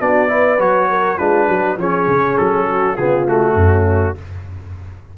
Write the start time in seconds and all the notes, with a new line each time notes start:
0.00 B3 D4 F#4 D5
0.28 E4 B4
0.59 F#3 F#4 C#5
0.89 A#4
1.18 G#3 D4 F4 B4
1.48 F#3 F#4
1.77 F3 C#4 G#4 C#5
2.07 C#3
2.38 F#3 A4
2.68 F#4
2.95 C#3 B3 F4 G#4
3.26 A3 F#4
3.55 F#2 C#4